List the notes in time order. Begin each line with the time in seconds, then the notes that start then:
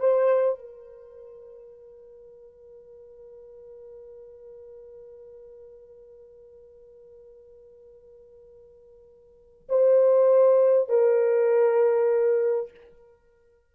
0.00 C5
0.59 A#4
9.69 C5
10.89 A#4